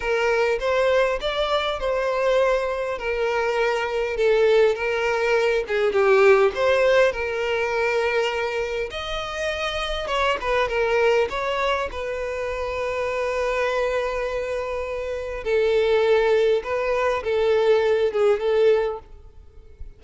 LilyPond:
\new Staff \with { instrumentName = "violin" } { \time 4/4 \tempo 4 = 101 ais'4 c''4 d''4 c''4~ | c''4 ais'2 a'4 | ais'4. gis'8 g'4 c''4 | ais'2. dis''4~ |
dis''4 cis''8 b'8 ais'4 cis''4 | b'1~ | b'2 a'2 | b'4 a'4. gis'8 a'4 | }